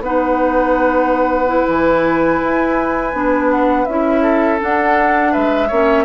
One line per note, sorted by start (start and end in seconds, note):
0.00 1.65 B3
0.00 1.46 D#4
0.00 4.22 B4
0.00 1.68 F#5
1.46 3.11 E4
1.68 2.41 E3
1.68 3.51 G#5
2.43 3.13 E4
3.13 3.86 B3
3.13 3.87 D4
3.51 3.85 F#5
3.85 4.61 C#4
3.85 4.59 E4
3.85 4.58 E5
4.22 5.32 A4
4.59 5.69 D4
4.59 5.36 D4
4.59 5.33 F#5
5.32 5.71 G#3
5.32 5.68 B4
5.32 6.04 E5
5.68 6.04 A#3
5.68 6.04 C#4
5.68 6.04 C#5